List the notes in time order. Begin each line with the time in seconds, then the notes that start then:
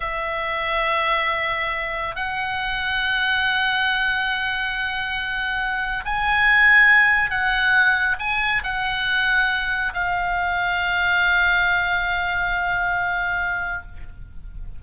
0.00 E5
2.15 F#5
6.05 G#5
7.30 F#5
8.19 G#5
8.63 F#5
9.93 F5